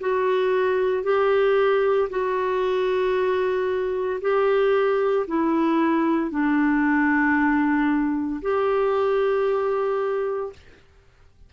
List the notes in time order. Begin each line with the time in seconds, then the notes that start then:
0.00 F#4
1.03 G4
2.10 F#4
4.21 G4
5.27 E4
6.31 D4
8.42 G4